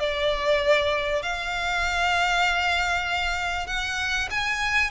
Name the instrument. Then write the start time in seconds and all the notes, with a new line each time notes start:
violin
0.00 D5
1.23 F5
3.67 F#5
4.31 G#5